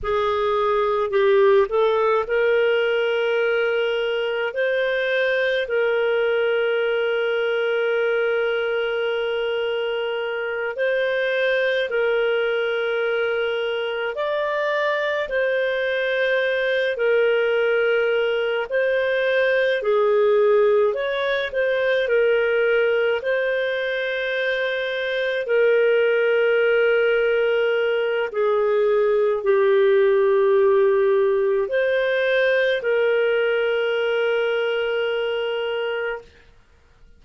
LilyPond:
\new Staff \with { instrumentName = "clarinet" } { \time 4/4 \tempo 4 = 53 gis'4 g'8 a'8 ais'2 | c''4 ais'2.~ | ais'4. c''4 ais'4.~ | ais'8 d''4 c''4. ais'4~ |
ais'8 c''4 gis'4 cis''8 c''8 ais'8~ | ais'8 c''2 ais'4.~ | ais'4 gis'4 g'2 | c''4 ais'2. | }